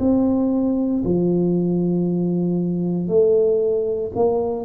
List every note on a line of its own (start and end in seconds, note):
0.00 1.03 C4
1.04 3.08 F3
3.08 4.11 A3
4.15 4.66 A#3